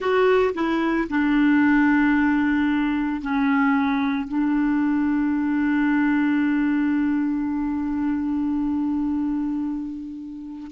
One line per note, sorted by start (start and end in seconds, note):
0.00 0.54 F#4
0.54 1.08 E4
1.10 3.21 D4
3.21 4.28 C#4
4.28 10.70 D4